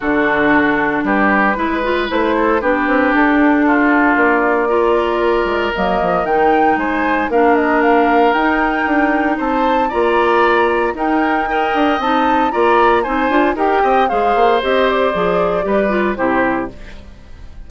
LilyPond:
<<
  \new Staff \with { instrumentName = "flute" } { \time 4/4 \tempo 4 = 115 a'2 b'2 | c''4 b'4 a'2 | d''2. dis''4 | g''4 gis''4 f''8 dis''8 f''4 |
g''2 a''4 ais''4~ | ais''4 g''2 a''4 | ais''4 gis''4 g''4 f''4 | dis''8 d''2~ d''8 c''4 | }
  \new Staff \with { instrumentName = "oboe" } { \time 4/4 fis'2 g'4 b'4~ | b'8 a'8 g'2 f'4~ | f'4 ais'2.~ | ais'4 c''4 ais'2~ |
ais'2 c''4 d''4~ | d''4 ais'4 dis''2 | d''4 c''4 ais'8 dis''8 c''4~ | c''2 b'4 g'4 | }
  \new Staff \with { instrumentName = "clarinet" } { \time 4/4 d'2. e'8 f'8 | e'4 d'2.~ | d'4 f'2 ais4 | dis'2 d'2 |
dis'2. f'4~ | f'4 dis'4 ais'4 dis'4 | f'4 dis'8 f'8 g'4 gis'4 | g'4 gis'4 g'8 f'8 e'4 | }
  \new Staff \with { instrumentName = "bassoon" } { \time 4/4 d2 g4 gis4 | a4 b8 c'8 d'2 | ais2~ ais8 gis8 fis8 f8 | dis4 gis4 ais2 |
dis'4 d'4 c'4 ais4~ | ais4 dis'4. d'8 c'4 | ais4 c'8 d'8 dis'8 c'8 gis8 ais8 | c'4 f4 g4 c4 | }
>>